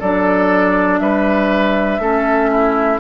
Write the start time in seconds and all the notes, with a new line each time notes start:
0.00 F#3 D4 A4 D5
1.00 G3 B4 E5
1.99 A3 C#4 A4
2.51 E4